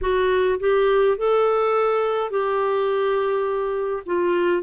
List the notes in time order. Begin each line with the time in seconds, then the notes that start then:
0.01 F#4
0.59 G4
1.17 A4
2.30 G4
4.05 F4